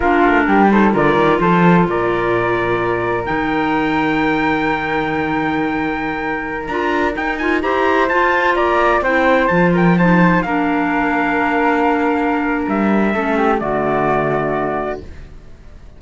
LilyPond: <<
  \new Staff \with { instrumentName = "trumpet" } { \time 4/4 \tempo 4 = 128 ais'4. c''8 d''4 c''4 | d''2. g''4~ | g''1~ | g''2~ g''16 ais''4 g''8 gis''16~ |
gis''16 ais''4 a''4 ais''4 g''8.~ | g''16 a''8 g''8 a''4 f''4.~ f''16~ | f''2. e''4~ | e''4 d''2. | }
  \new Staff \with { instrumentName = "flute" } { \time 4/4 f'4 g'8 a'8 ais'4 a'4 | ais'1~ | ais'1~ | ais'1~ |
ais'16 c''2 d''4 c''8.~ | c''8. ais'8 c''4 ais'4.~ ais'16~ | ais'1 | a'8 g'8 fis'2. | }
  \new Staff \with { instrumentName = "clarinet" } { \time 4/4 d'4. dis'8 f'2~ | f'2. dis'4~ | dis'1~ | dis'2~ dis'16 f'4 dis'8 f'16~ |
f'16 g'4 f'2 e'8.~ | e'16 f'4 dis'4 d'4.~ d'16~ | d'1 | cis'4 a2. | }
  \new Staff \with { instrumentName = "cello" } { \time 4/4 ais8 a8 g4 d8 dis8 f4 | ais,2. dis4~ | dis1~ | dis2~ dis16 d'4 dis'8.~ |
dis'16 e'4 f'4 ais4 c'8.~ | c'16 f2 ais4.~ ais16~ | ais2. g4 | a4 d2. | }
>>